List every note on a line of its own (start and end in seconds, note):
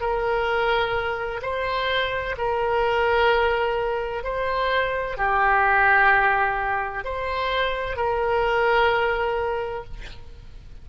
0.00 1.41 A#4
1.41 2.35 C5
2.37 4.24 A#4
4.24 5.17 C5
5.17 7.04 G4
7.04 7.96 C5
7.96 9.84 A#4